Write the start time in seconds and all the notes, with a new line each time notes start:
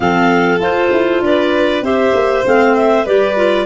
0.00 F3 C4 A4 F5
0.60 F4 C5
0.92 E4
1.20 D4 B4 D5
1.81 C4 G4 C5 E5
2.13 A#3
2.44 A3 C4 F5
2.76 E5
3.04 G3 G4 B4 D5
3.35 F4